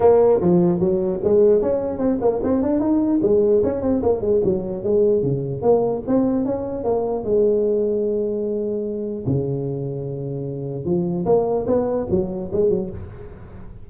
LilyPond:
\new Staff \with { instrumentName = "tuba" } { \time 4/4 \tempo 4 = 149 ais4 f4 fis4 gis4 | cis'4 c'8 ais8 c'8 d'8 dis'4 | gis4 cis'8 c'8 ais8 gis8 fis4 | gis4 cis4 ais4 c'4 |
cis'4 ais4 gis2~ | gis2. cis4~ | cis2. f4 | ais4 b4 fis4 gis8 fis8 | }